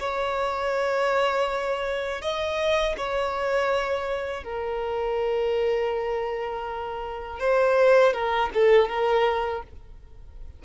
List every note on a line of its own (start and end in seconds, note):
0.00 2.22 C#5
2.22 2.96 D#5
2.98 4.44 C#5
4.44 7.40 A#4
7.40 8.13 C5
8.13 8.51 A#4
8.55 8.89 A4
8.89 9.63 A#4